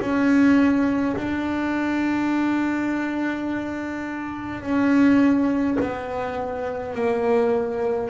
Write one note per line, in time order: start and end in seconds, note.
0.00 1.15 C#4
1.16 4.62 D4
4.62 5.77 C#4
5.80 6.94 B3
6.94 8.10 A#3